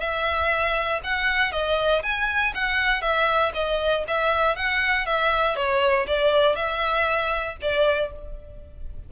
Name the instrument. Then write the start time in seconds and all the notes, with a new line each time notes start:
violin
0.00 E5
1.04 F#5
1.52 D#5
2.03 G#5
2.54 F#5
3.02 E5
3.54 D#5
4.07 E5
4.56 F#5
5.06 E5
5.56 C#5
6.07 D5
6.56 E5
7.62 D5